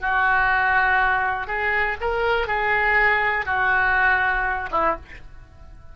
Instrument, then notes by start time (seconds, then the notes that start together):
oboe
0.00 F#4
1.47 G#4
2.01 A#4
2.47 G#4
3.46 F#4
4.71 E4